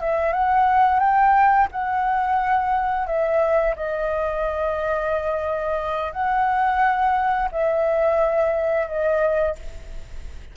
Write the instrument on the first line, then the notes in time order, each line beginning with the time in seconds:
flute
0.00 E5
0.33 F#5
0.99 G5
1.71 F#5
3.07 E5
3.76 D#5
6.12 F#5
7.51 E5
8.87 D#5